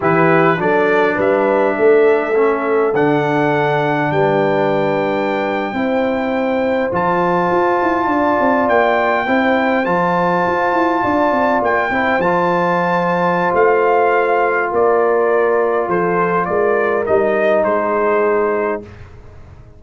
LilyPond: <<
  \new Staff \with { instrumentName = "trumpet" } { \time 4/4 \tempo 4 = 102 b'4 d''4 e''2~ | e''4 fis''2 g''4~ | g''2.~ g''8. a''16~ | a''2~ a''8. g''4~ g''16~ |
g''8. a''2. g''16~ | g''8. a''2~ a''16 f''4~ | f''4 d''2 c''4 | d''4 dis''4 c''2 | }
  \new Staff \with { instrumentName = "horn" } { \time 4/4 g'4 a'4 b'4 a'4~ | a'2. b'4~ | b'4.~ b'16 c''2~ c''16~ | c''4.~ c''16 d''2 c''16~ |
c''2~ c''8. d''4~ d''16~ | d''16 c''2.~ c''8.~ | c''4 ais'2 a'4 | ais'2 gis'2 | }
  \new Staff \with { instrumentName = "trombone" } { \time 4/4 e'4 d'2. | cis'4 d'2.~ | d'4.~ d'16 e'2 f'16~ | f'2.~ f'8. e'16~ |
e'8. f'2.~ f'16~ | f'16 e'8 f'2.~ f'16~ | f'1~ | f'4 dis'2. | }
  \new Staff \with { instrumentName = "tuba" } { \time 4/4 e4 fis4 g4 a4~ | a4 d2 g4~ | g4.~ g16 c'2 f16~ | f8. f'8 e'8 d'8 c'8 ais4 c'16~ |
c'8. f4 f'8 e'8 d'8 c'8 ais16~ | ais16 c'8 f2~ f16 a4~ | a4 ais2 f4 | gis4 g4 gis2 | }
>>